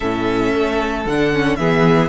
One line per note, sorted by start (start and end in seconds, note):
0.00 0.53 A2
0.00 1.06 C#4
0.00 1.57 A4
0.00 1.05 E5
0.54 1.05 A3
1.05 1.58 D3
1.05 1.32 D4
1.05 1.55 F#5
1.32 1.58 C#4
1.55 2.09 E3
1.55 2.09 B3
1.55 2.09 G#4
1.55 2.08 E5